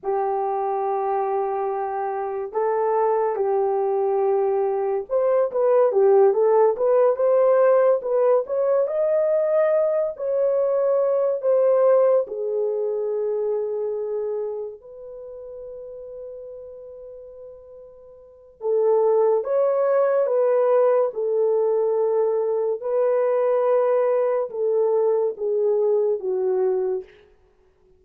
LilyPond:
\new Staff \with { instrumentName = "horn" } { \time 4/4 \tempo 4 = 71 g'2. a'4 | g'2 c''8 b'8 g'8 a'8 | b'8 c''4 b'8 cis''8 dis''4. | cis''4. c''4 gis'4.~ |
gis'4. b'2~ b'8~ | b'2 a'4 cis''4 | b'4 a'2 b'4~ | b'4 a'4 gis'4 fis'4 | }